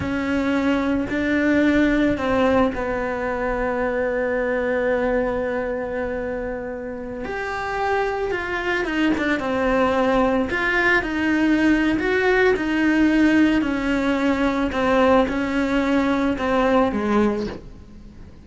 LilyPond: \new Staff \with { instrumentName = "cello" } { \time 4/4 \tempo 4 = 110 cis'2 d'2 | c'4 b2.~ | b1~ | b4~ b16 g'2 f'8.~ |
f'16 dis'8 d'8 c'2 f'8.~ | f'16 dis'4.~ dis'16 fis'4 dis'4~ | dis'4 cis'2 c'4 | cis'2 c'4 gis4 | }